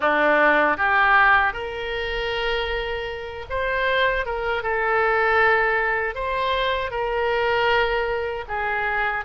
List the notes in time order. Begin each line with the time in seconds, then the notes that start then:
0.00 D4
0.77 G4
1.53 A#4
3.49 C5
4.25 A#4
4.63 A4
6.14 C5
6.91 A#4
8.48 G#4